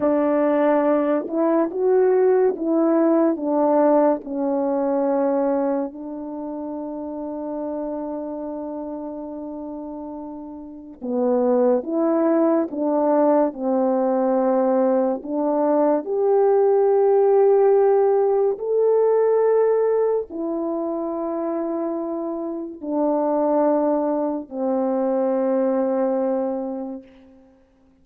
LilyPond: \new Staff \with { instrumentName = "horn" } { \time 4/4 \tempo 4 = 71 d'4. e'8 fis'4 e'4 | d'4 cis'2 d'4~ | d'1~ | d'4 b4 e'4 d'4 |
c'2 d'4 g'4~ | g'2 a'2 | e'2. d'4~ | d'4 c'2. | }